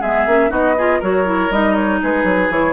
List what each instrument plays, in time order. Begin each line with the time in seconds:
0.00 bassoon G#3, clarinet B3, oboe G#4, flute E5
0.26 bassoon A#3, clarinet C#4
0.49 bassoon B3, clarinet D#4, oboe F#4, flute D#5
0.78 clarinet F4, oboe G#4
0.99 bassoon F#3, clarinet F#4, oboe A#4, flute C#5
1.25 clarinet E4
1.50 bassoon G3, clarinet D#4, flute D#5
1.75 flute C#5
2.02 bassoon G#3, oboe G#4, flute B4
2.24 bassoon F#3
2.50 bassoon E3, clarinet E4, flute C#5